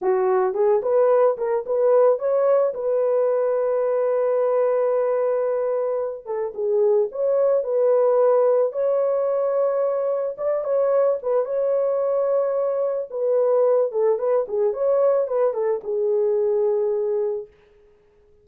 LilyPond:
\new Staff \with { instrumentName = "horn" } { \time 4/4 \tempo 4 = 110 fis'4 gis'8 b'4 ais'8 b'4 | cis''4 b'2.~ | b'2.~ b'8 a'8 | gis'4 cis''4 b'2 |
cis''2. d''8 cis''8~ | cis''8 b'8 cis''2. | b'4. a'8 b'8 gis'8 cis''4 | b'8 a'8 gis'2. | }